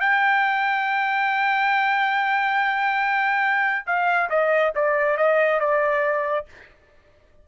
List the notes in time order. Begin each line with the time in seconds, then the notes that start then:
0.00 G5
3.86 F5
4.30 D#5
4.75 D5
5.17 D#5
5.60 D5